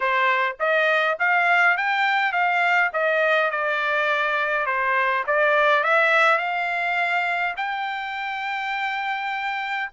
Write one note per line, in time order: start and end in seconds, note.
0.00 0.56 C5
0.59 1.18 D#5
1.19 1.77 F5
1.77 2.32 G5
2.32 2.90 F5
2.93 3.50 D#5
3.50 4.65 D5
4.65 5.24 C5
5.26 5.83 D5
5.83 6.38 E5
6.38 7.54 F5
7.56 9.89 G5